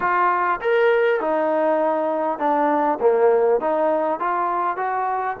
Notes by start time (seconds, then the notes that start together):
0.00 F4
0.61 A#4
1.20 D#4
2.38 D4
3.00 A#3
3.60 D#4
4.19 F4
4.76 F#4